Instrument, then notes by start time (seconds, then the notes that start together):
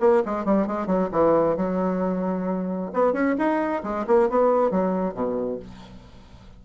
bassoon
0.00 A#3
0.25 G#3
0.45 G3
0.67 G#3
0.86 F#3
1.12 E3
1.56 F#3
2.93 B3
3.13 C#4
3.38 D#4
3.83 G#3
4.06 A#3
4.29 B3
4.71 F#3
5.14 B2